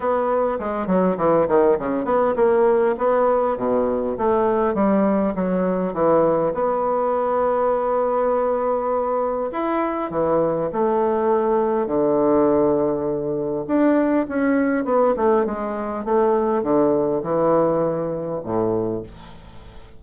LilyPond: \new Staff \with { instrumentName = "bassoon" } { \time 4/4 \tempo 4 = 101 b4 gis8 fis8 e8 dis8 cis8 b8 | ais4 b4 b,4 a4 | g4 fis4 e4 b4~ | b1 |
e'4 e4 a2 | d2. d'4 | cis'4 b8 a8 gis4 a4 | d4 e2 a,4 | }